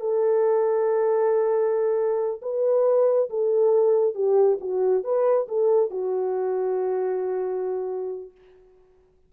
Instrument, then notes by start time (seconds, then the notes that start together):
horn
0.00 A4
2.42 B4
3.30 A4
4.14 G4
4.60 F#4
5.04 B4
5.48 A4
5.90 F#4